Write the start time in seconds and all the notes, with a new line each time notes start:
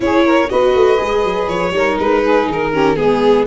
0.00 C#4 E4 G#4 C#5
0.24 A#4
0.49 B3 F#4 B4 D#5
0.74 A3
0.97 G#3 G#4
1.24 F#3
1.48 F3 C#5
1.70 G3 D#4 A#4
1.99 G#3 B4
2.22 G#4
2.48 D#3 A#4
2.71 C#4 G4
2.95 G#3 B3 G#4